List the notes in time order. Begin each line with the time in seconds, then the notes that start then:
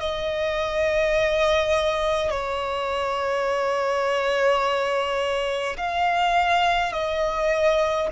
0.00 D#5
2.30 C#5
5.77 F5
6.92 D#5